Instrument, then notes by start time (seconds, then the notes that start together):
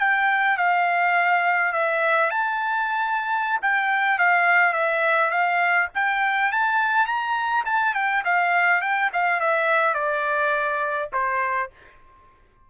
trumpet
0.00 G5
0.57 F5
1.73 E5
2.30 A5
3.62 G5
4.19 F5
4.73 E5
5.31 F5
5.94 G5
6.52 A5
7.06 A#5
7.66 A5
7.94 G5
8.25 F5
8.81 G5
9.13 F5
9.40 E5
9.94 D5
11.12 C5